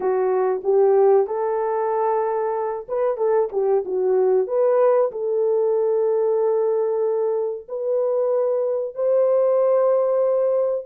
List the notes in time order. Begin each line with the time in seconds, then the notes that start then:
0.00 F#4
0.63 G4
1.26 A4
2.88 B4
3.17 A4
3.52 G4
3.85 F#4
4.47 B4
5.11 A4
7.68 B4
8.94 C5